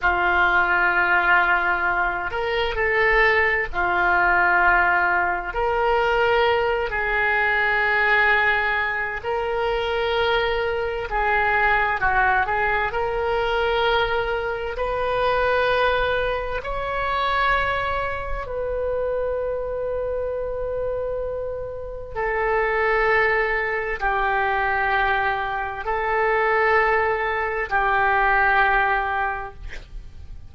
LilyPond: \new Staff \with { instrumentName = "oboe" } { \time 4/4 \tempo 4 = 65 f'2~ f'8 ais'8 a'4 | f'2 ais'4. gis'8~ | gis'2 ais'2 | gis'4 fis'8 gis'8 ais'2 |
b'2 cis''2 | b'1 | a'2 g'2 | a'2 g'2 | }